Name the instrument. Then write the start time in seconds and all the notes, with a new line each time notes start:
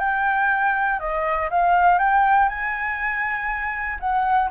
flute
0.00 G5
1.00 D#5
1.51 F5
1.99 G5
2.49 G#5
4.00 F#5